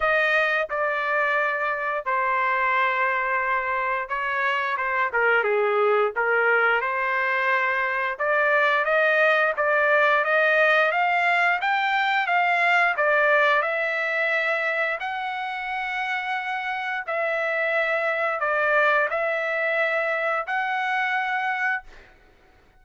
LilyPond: \new Staff \with { instrumentName = "trumpet" } { \time 4/4 \tempo 4 = 88 dis''4 d''2 c''4~ | c''2 cis''4 c''8 ais'8 | gis'4 ais'4 c''2 | d''4 dis''4 d''4 dis''4 |
f''4 g''4 f''4 d''4 | e''2 fis''2~ | fis''4 e''2 d''4 | e''2 fis''2 | }